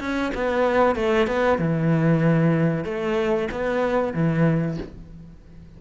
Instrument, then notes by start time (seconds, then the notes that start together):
cello
0.00 C#4
0.34 B3
0.95 A3
1.27 B3
1.58 E3
2.84 A3
3.51 B3
4.13 E3